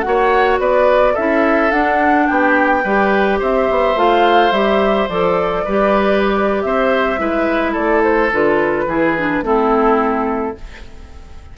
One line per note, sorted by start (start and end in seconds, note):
0.00 0.59 A#3
0.00 1.14 F#4
0.00 0.56 F#5
0.07 0.60 C#5
0.59 1.15 B3
0.59 1.13 B4
0.59 1.15 D5
1.13 1.71 C#4
1.13 1.71 E4
1.13 2.25 A4
1.13 1.70 E5
1.70 2.83 D4
1.70 2.28 D4
1.70 2.26 F#5
2.26 2.84 B3
2.26 2.83 G4
2.26 3.38 G5
2.83 3.40 G3
2.83 3.95 G4
2.83 3.39 B4
3.39 3.69 C4
3.39 5.63 C5
3.39 3.98 E5
3.70 3.95 B3
3.95 4.51 A3
3.95 4.52 F4
3.95 4.52 F5
4.51 5.07 G3
4.51 5.08 G4
4.51 5.08 E5
5.08 5.65 F3
5.08 5.66 A4
5.08 6.61 D5
5.64 6.63 G3
5.64 7.17 G4
5.64 6.62 B4
6.61 7.19 C4
6.61 7.20 C5
6.61 7.73 E5
7.17 7.75 G#3
7.17 8.29 E4
7.17 7.72 B4
7.72 8.31 A3
7.72 8.84 A4
7.72 8.02 D5
8.03 8.31 C5
8.31 8.86 D3
8.31 8.88 F4
8.31 9.45 B4
8.86 9.41 E3
8.86 9.16 E4
8.86 9.44 G#4
9.17 9.43 D4
9.41 10.54 A3
9.41 10.55 C4
9.41 10.56 E4
9.41 10.57 A4